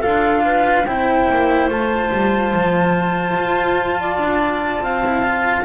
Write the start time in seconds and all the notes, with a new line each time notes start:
0.00 D4 F4 A4 F5
0.45 B4
0.85 C4 E4 C5 G5
1.29 A#3
1.69 A3 F4 A5
2.12 G3
2.54 F3
3.37 F4
4.00 D5
4.17 D4
4.80 C4 F5
5.05 E4
5.23 F4